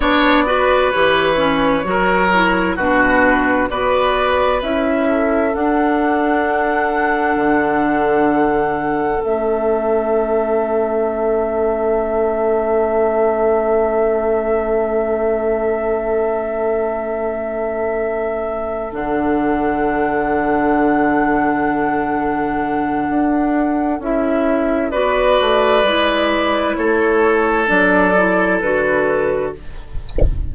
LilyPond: <<
  \new Staff \with { instrumentName = "flute" } { \time 4/4 \tempo 4 = 65 d''4 cis''2 b'4 | d''4 e''4 fis''2~ | fis''2 e''2~ | e''1~ |
e''1~ | e''8 fis''2.~ fis''8~ | fis''2 e''4 d''4~ | d''4 cis''4 d''4 b'4 | }
  \new Staff \with { instrumentName = "oboe" } { \time 4/4 cis''8 b'4. ais'4 fis'4 | b'4. a'2~ a'8~ | a'1~ | a'1~ |
a'1~ | a'1~ | a'2. b'4~ | b'4 a'2. | }
  \new Staff \with { instrumentName = "clarinet" } { \time 4/4 d'8 fis'8 g'8 cis'8 fis'8 e'8 d'4 | fis'4 e'4 d'2~ | d'2 cis'2~ | cis'1~ |
cis'1~ | cis'8 d'2.~ d'8~ | d'2 e'4 fis'4 | e'2 d'8 e'8 fis'4 | }
  \new Staff \with { instrumentName = "bassoon" } { \time 4/4 b4 e4 fis4 b,4 | b4 cis'4 d'2 | d2 a2~ | a1~ |
a1~ | a8 d2.~ d8~ | d4 d'4 cis'4 b8 a8 | gis4 a4 fis4 d4 | }
>>